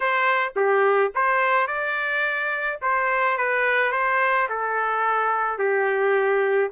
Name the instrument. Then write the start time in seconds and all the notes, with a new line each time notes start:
trumpet
0.00 C5
0.56 G4
1.14 C5
1.67 D5
2.81 C5
3.37 B4
3.92 C5
4.49 A4
5.58 G4